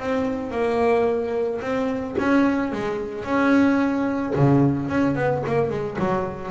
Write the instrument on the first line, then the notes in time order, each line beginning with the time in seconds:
double bass
0.00 C4
0.52 A#3
1.61 C4
2.19 C#4
2.72 G#3
3.25 C#4
4.36 C#3
4.89 C#4
5.16 B3
5.47 A#3
5.70 G#3
5.99 F#3